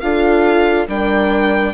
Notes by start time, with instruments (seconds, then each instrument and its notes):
0.00 bassoon D4, viola F4, horn A4, violin F5
0.88 bassoon G3, viola D4, horn A#4, violin G5